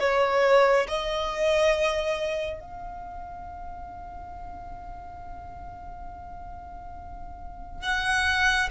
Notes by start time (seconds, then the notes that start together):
0.00 C#5
0.88 D#5
2.60 F5
7.82 F#5